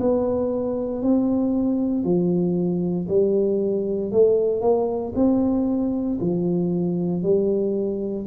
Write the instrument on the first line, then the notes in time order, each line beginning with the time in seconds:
tuba
0.00 B3
1.03 C4
2.04 F3
3.08 G3
4.11 A3
4.61 A#3
5.15 C4
6.20 F3
7.23 G3